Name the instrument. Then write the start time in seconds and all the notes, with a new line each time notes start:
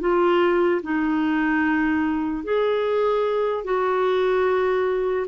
clarinet
0.00 F4
0.83 D#4
2.44 G#4
3.64 F#4